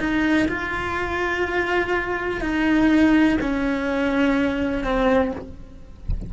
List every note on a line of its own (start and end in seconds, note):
0.00 0.48 D#4
0.49 2.41 F4
2.41 3.38 D#4
3.41 4.84 C#4
4.84 5.33 C4